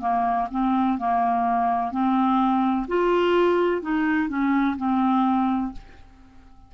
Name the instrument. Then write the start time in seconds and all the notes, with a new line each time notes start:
clarinet
0.00 A#3
0.51 C4
0.98 A#3
1.91 C4
2.87 F4
3.82 D#4
4.28 C#4
4.77 C4